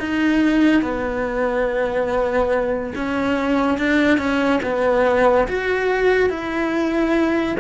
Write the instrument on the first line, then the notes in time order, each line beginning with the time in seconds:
cello
0.00 D#4
0.82 B3
2.95 C#4
3.78 D4
4.18 C#4
4.63 B3
5.49 F#4
6.30 E4